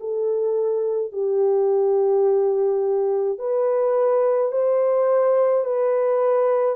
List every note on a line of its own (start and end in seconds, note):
0.00 1.12 A4
1.12 3.39 G4
3.39 4.52 B4
4.52 5.65 C5
5.65 6.76 B4